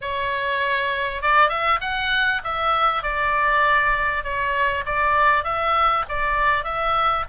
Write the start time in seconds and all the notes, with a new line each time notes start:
0.01 C#5
1.21 D5
1.49 E5
1.80 F#5
2.44 E5
3.02 D5
4.23 C#5
4.85 D5
5.44 E5
6.08 D5
6.64 E5